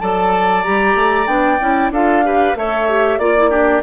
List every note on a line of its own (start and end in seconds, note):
0.00 0.66 F#3
0.00 0.64 A4
0.00 1.93 D5
0.00 0.63 A5
0.63 0.95 G3
0.63 1.26 G4
0.63 1.27 A#5
0.95 1.27 A3
1.26 1.59 B3
1.26 1.58 D4
1.26 1.91 G5
1.61 1.91 C#4
1.61 1.93 E4
1.91 2.55 D4
1.91 2.24 F4
1.91 2.25 A4
1.91 2.58 F5
2.24 2.56 G4
2.24 2.58 B4
2.55 3.19 A3
2.55 2.89 A4
2.55 3.20 C#5
2.55 3.19 E5
2.89 3.20 G4
3.19 3.83 A#3
3.19 3.36 F4
3.19 3.83 D5
3.19 3.50 D5
3.37 3.51 E4
3.50 3.83 D4
3.50 3.82 G4